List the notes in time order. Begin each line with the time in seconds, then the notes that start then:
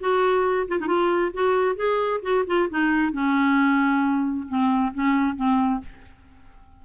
0.00 F#4
0.68 F4
0.80 D#4
0.87 F4
1.33 F#4
1.75 G#4
2.22 F#4
2.46 F4
2.69 D#4
3.12 C#4
4.48 C4
4.93 C#4
5.36 C4